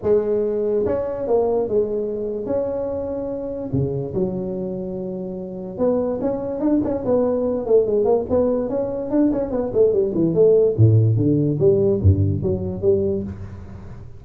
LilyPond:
\new Staff \with { instrumentName = "tuba" } { \time 4/4 \tempo 4 = 145 gis2 cis'4 ais4 | gis2 cis'2~ | cis'4 cis4 fis2~ | fis2 b4 cis'4 |
d'8 cis'8 b4. a8 gis8 ais8 | b4 cis'4 d'8 cis'8 b8 a8 | g8 e8 a4 a,4 d4 | g4 g,4 fis4 g4 | }